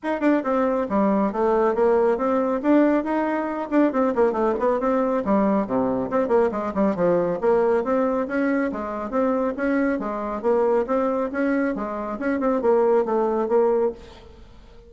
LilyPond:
\new Staff \with { instrumentName = "bassoon" } { \time 4/4 \tempo 4 = 138 dis'8 d'8 c'4 g4 a4 | ais4 c'4 d'4 dis'4~ | dis'8 d'8 c'8 ais8 a8 b8 c'4 | g4 c4 c'8 ais8 gis8 g8 |
f4 ais4 c'4 cis'4 | gis4 c'4 cis'4 gis4 | ais4 c'4 cis'4 gis4 | cis'8 c'8 ais4 a4 ais4 | }